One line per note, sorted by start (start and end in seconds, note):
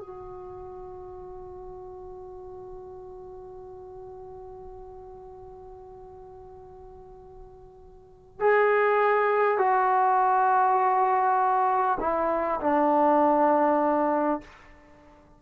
0.00 8.40 F#4
8.40 9.58 G#4
9.58 11.98 F#4
12.00 12.60 E4
12.60 14.40 D4